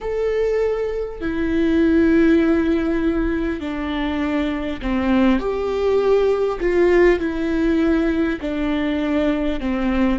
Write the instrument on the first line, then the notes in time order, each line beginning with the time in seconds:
viola
0.01 A4
1.20 E4
3.60 D4
4.81 C4
5.39 G4
6.60 F4
7.19 E4
8.41 D4
9.60 C4